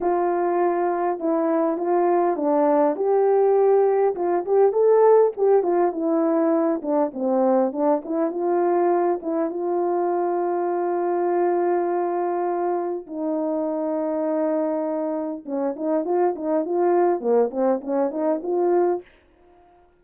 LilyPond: \new Staff \with { instrumentName = "horn" } { \time 4/4 \tempo 4 = 101 f'2 e'4 f'4 | d'4 g'2 f'8 g'8 | a'4 g'8 f'8 e'4. d'8 | c'4 d'8 e'8 f'4. e'8 |
f'1~ | f'2 dis'2~ | dis'2 cis'8 dis'8 f'8 dis'8 | f'4 ais8 c'8 cis'8 dis'8 f'4 | }